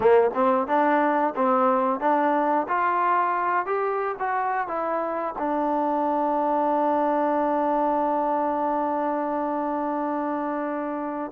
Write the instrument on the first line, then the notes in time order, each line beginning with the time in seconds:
trombone
0.00 A#3
0.34 C4
0.67 D4
1.35 C4
2.00 D4
2.68 F4
3.65 G4
4.18 F#4
4.67 E4
5.38 D4